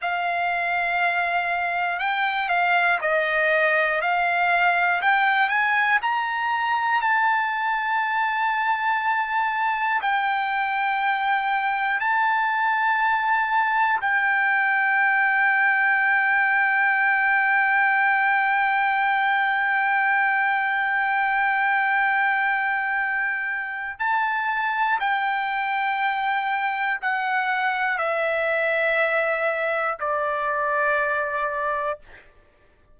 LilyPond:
\new Staff \with { instrumentName = "trumpet" } { \time 4/4 \tempo 4 = 60 f''2 g''8 f''8 dis''4 | f''4 g''8 gis''8 ais''4 a''4~ | a''2 g''2 | a''2 g''2~ |
g''1~ | g''1 | a''4 g''2 fis''4 | e''2 d''2 | }